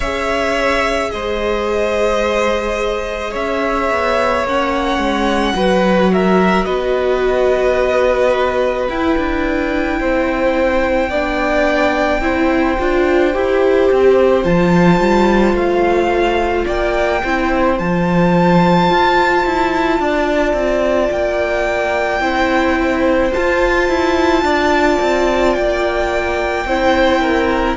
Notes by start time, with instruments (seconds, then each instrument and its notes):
0.00 cello C#4, viola G#4, violin C#5 E5
1.10 cello G#3, violin C5 D#5
3.31 cello C#4, violin C#5 E5
3.90 cello B3
4.43 cello A#3, viola C#4, violin F#5
4.97 cello G#3
5.54 cello F#3, viola F#4, violin B4
6.12 violin A#4 E5
6.64 cello B3, violin B4 D#5
8.88 cello E4, viola E4, violin G5
9.17 cello D4
10.00 cello C4, violin C5
11.09 cello B3, viola D4, violin D5
12.20 cello C4, viola E4, violin C5
12.79 cello D4, viola F4
13.33 cello E4, viola G4
13.91 cello C4
14.44 cello F3, viola F4, violin A5
15.00 cello G3
15.53 cello A3, violin F5
16.65 cello A#3, violin D5 G5
17.23 cello C4, viola E4, violin C5
17.78 cello F3, viola F4, violin A5
18.90 cello F4
19.45 cello E4
19.99 cello D4, violin D5
20.53 cello C4
21.11 cello A#3, violin G5
22.20 cello C4, viola E4, violin C5
23.33 viola F4, cello F4, violin A5
23.88 cello E4
24.42 cello D4, violin D5
25.01 cello C4
25.53 cello A#3, violin G5
26.65 cello C4, viola E4, violin C5
27.21 violin A#4